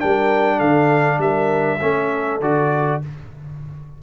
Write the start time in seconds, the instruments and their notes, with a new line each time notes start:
0.00 tuba G3, trombone D4, horn A#4, trumpet G5
0.57 tuba D3, horn A4, trumpet F5
1.19 tuba G3, horn A#4, trumpet E5
1.81 tuba A3, trombone C#4, horn A4
2.41 tuba D3, trombone F#4, trumpet D5